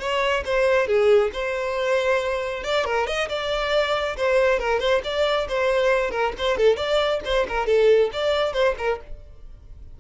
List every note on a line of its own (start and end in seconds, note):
0.00 0.44 C#5
0.45 0.87 C5
0.87 1.31 G#4
1.33 2.64 C5
2.64 2.85 D5
2.85 3.07 A#4
3.07 3.29 D#5
3.29 4.17 D5
4.17 4.59 C5
4.59 4.80 A#4
4.80 5.02 C5
5.04 5.48 D5
5.48 6.11 C5
6.11 6.33 A#4
6.38 6.57 C5
6.57 6.77 A4
6.77 7.21 D5
7.25 7.47 C5
7.49 7.67 A#4
7.67 8.10 A4
8.13 8.53 D5
8.53 8.75 C5
8.78 9.00 A#4